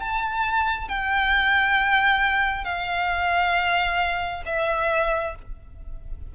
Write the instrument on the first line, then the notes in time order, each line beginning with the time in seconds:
violin
0.00 A5
0.88 G5
2.64 F5
4.46 E5